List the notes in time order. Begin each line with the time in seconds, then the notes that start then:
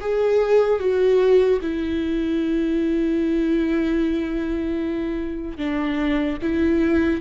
0.00 G#4
0.79 F#4
1.61 E4
5.57 D4
6.42 E4